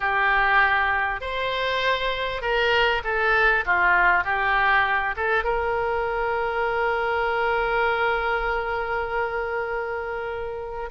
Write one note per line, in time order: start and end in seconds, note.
0.00 1.20 G4
1.20 2.41 C5
2.41 3.02 A#4
3.04 3.64 A4
3.65 4.24 F4
4.24 5.15 G4
5.16 5.44 A4
5.44 10.89 A#4